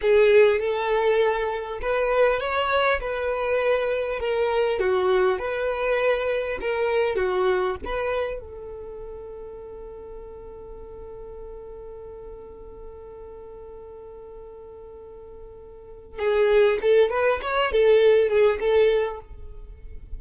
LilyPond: \new Staff \with { instrumentName = "violin" } { \time 4/4 \tempo 4 = 100 gis'4 a'2 b'4 | cis''4 b'2 ais'4 | fis'4 b'2 ais'4 | fis'4 b'4 a'2~ |
a'1~ | a'1~ | a'2. gis'4 | a'8 b'8 cis''8 a'4 gis'8 a'4 | }